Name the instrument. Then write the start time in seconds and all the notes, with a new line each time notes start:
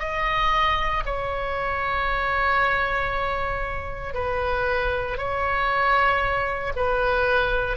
oboe
0.00 D#5
1.06 C#5
4.14 B4
5.18 C#5
6.76 B4